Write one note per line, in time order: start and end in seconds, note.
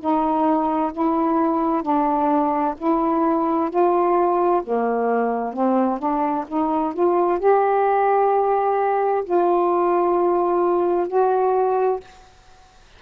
0.00 0.92 D#4
0.93 1.83 E4
1.83 2.75 D4
2.78 3.70 E4
3.70 4.62 F4
4.64 5.53 A#3
5.53 5.99 C4
5.99 6.45 D4
6.48 6.94 D#4
6.94 7.39 F4
7.39 9.24 G4
9.25 11.08 F4
11.08 12.00 F#4